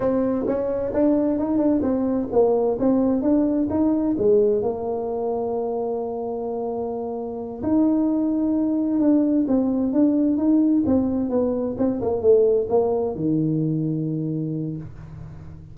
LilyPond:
\new Staff \with { instrumentName = "tuba" } { \time 4/4 \tempo 4 = 130 c'4 cis'4 d'4 dis'8 d'8 | c'4 ais4 c'4 d'4 | dis'4 gis4 ais2~ | ais1~ |
ais8 dis'2. d'8~ | d'8 c'4 d'4 dis'4 c'8~ | c'8 b4 c'8 ais8 a4 ais8~ | ais8 dis2.~ dis8 | }